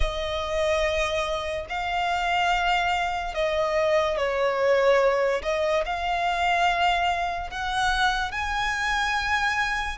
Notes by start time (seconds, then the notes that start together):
0.00 D#5
1.69 F5
3.34 D#5
4.17 C#5
5.42 D#5
5.85 F5
7.50 F#5
8.31 G#5